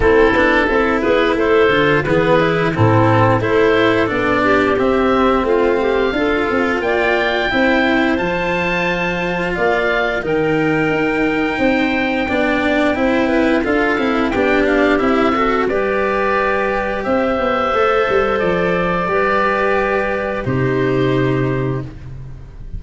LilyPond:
<<
  \new Staff \with { instrumentName = "oboe" } { \time 4/4 \tempo 4 = 88 a'4. b'8 c''4 b'4 | a'4 c''4 d''4 e''4 | f''2 g''2 | a''2 f''4 g''4~ |
g''1 | f''4 g''8 f''8 e''4 d''4~ | d''4 e''2 d''4~ | d''2 c''2 | }
  \new Staff \with { instrumentName = "clarinet" } { \time 4/4 e'4 a'8 gis'8 a'4 gis'4 | e'4 a'4. g'4. | f'8 g'8 a'4 d''4 c''4~ | c''2 d''4 ais'4~ |
ais'4 c''4 d''4 c''8 b'8 | a'4 g'4. a'8 b'4~ | b'4 c''2. | b'2 g'2 | }
  \new Staff \with { instrumentName = "cello" } { \time 4/4 c'8 d'8 e'4. f'8 b8 e'8 | c'4 e'4 d'4 c'4~ | c'4 f'2 e'4 | f'2. dis'4~ |
dis'2 d'4 e'4 | f'8 e'8 d'4 e'8 fis'8 g'4~ | g'2 a'2 | g'2 dis'2 | }
  \new Staff \with { instrumentName = "tuba" } { \time 4/4 a8 b8 c'8 b8 a8 d8 e4 | a,4 a4 b4 c'4 | a4 d'8 c'8 ais4 c'4 | f2 ais4 dis4 |
dis'4 c'4 b4 c'4 | d'8 c'8 b4 c'4 g4~ | g4 c'8 b8 a8 g8 f4 | g2 c2 | }
>>